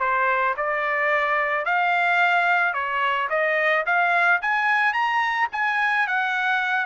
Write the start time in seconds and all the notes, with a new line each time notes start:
0.00 C5
0.57 D5
1.65 F5
2.74 C#5
3.30 D#5
3.86 F5
4.42 G#5
4.93 A#5
5.52 G#5
6.08 F#5